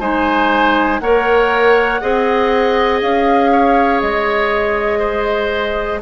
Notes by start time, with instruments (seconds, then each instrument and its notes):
0.00 bassoon G#3, clarinet D#4, oboe C5, flute G#5
1.00 bassoon A#3, clarinet A#4, oboe C#5, flute F#5
2.01 bassoon C4, clarinet G#4, oboe D#5
3.01 bassoon C#4, flute F5
3.51 oboe C#5
4.00 bassoon G#3, flute D#5
4.99 oboe C5